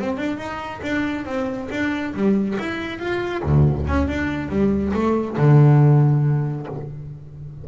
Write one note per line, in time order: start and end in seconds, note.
0.00 0.18 C4
0.18 0.38 D4
0.38 0.81 D#4
0.83 1.26 D4
1.26 1.69 C4
1.71 2.14 D4
2.14 2.58 G3
2.59 3.00 E4
3.00 3.43 F4
3.43 3.86 D2
3.88 4.08 C#4
4.08 4.50 D4
4.50 4.93 G3
4.94 5.37 A3
5.38 6.67 D3